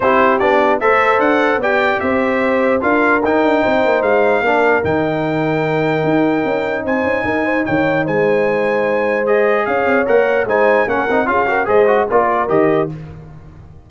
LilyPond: <<
  \new Staff \with { instrumentName = "trumpet" } { \time 4/4 \tempo 4 = 149 c''4 d''4 e''4 fis''4 | g''4 e''2 f''4 | g''2 f''2 | g''1~ |
g''4 gis''2 g''4 | gis''2. dis''4 | f''4 fis''4 gis''4 fis''4 | f''4 dis''4 d''4 dis''4 | }
  \new Staff \with { instrumentName = "horn" } { \time 4/4 g'2 c''2 | d''4 c''2 ais'4~ | ais'4 c''2 ais'4~ | ais'1~ |
ais'4 c''4 ais'8 c''8 cis''4 | c''1 | cis''2 c''4 ais'4 | gis'8 ais'8 c''4 ais'2 | }
  \new Staff \with { instrumentName = "trombone" } { \time 4/4 e'4 d'4 a'2 | g'2. f'4 | dis'2. d'4 | dis'1~ |
dis'1~ | dis'2. gis'4~ | gis'4 ais'4 dis'4 cis'8 dis'8 | f'8 fis'8 gis'8 fis'8 f'4 g'4 | }
  \new Staff \with { instrumentName = "tuba" } { \time 4/4 c'4 b4 a4 d'4 | b4 c'2 d'4 | dis'8 d'8 c'8 ais8 gis4 ais4 | dis2. dis'4 |
cis'4 c'8 cis'8 dis'4 dis4 | gis1 | cis'8 c'8 ais4 gis4 ais8 c'8 | cis'4 gis4 ais4 dis4 | }
>>